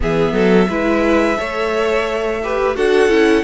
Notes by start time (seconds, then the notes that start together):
0.00 E3 B3 G#4 E5
0.32 F#3 A4
0.68 G#3 E4 B4
1.36 A3 A4 C#5
2.43 G4 B4
2.75 D4 F#4 A4 F#5
3.07 C#4 E4